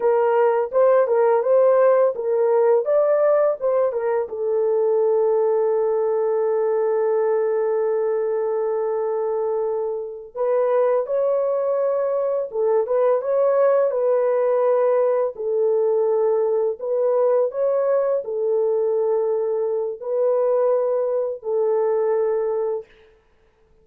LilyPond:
\new Staff \with { instrumentName = "horn" } { \time 4/4 \tempo 4 = 84 ais'4 c''8 ais'8 c''4 ais'4 | d''4 c''8 ais'8 a'2~ | a'1~ | a'2~ a'8 b'4 cis''8~ |
cis''4. a'8 b'8 cis''4 b'8~ | b'4. a'2 b'8~ | b'8 cis''4 a'2~ a'8 | b'2 a'2 | }